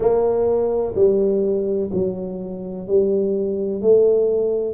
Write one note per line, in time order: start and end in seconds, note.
0.00 0.94 A#3
0.95 1.90 G3
1.93 2.87 F#3
2.87 3.81 G3
3.81 4.74 A3